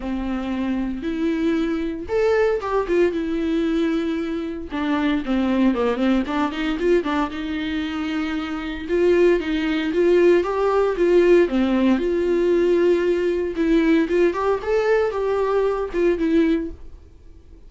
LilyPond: \new Staff \with { instrumentName = "viola" } { \time 4/4 \tempo 4 = 115 c'2 e'2 | a'4 g'8 f'8 e'2~ | e'4 d'4 c'4 ais8 c'8 | d'8 dis'8 f'8 d'8 dis'2~ |
dis'4 f'4 dis'4 f'4 | g'4 f'4 c'4 f'4~ | f'2 e'4 f'8 g'8 | a'4 g'4. f'8 e'4 | }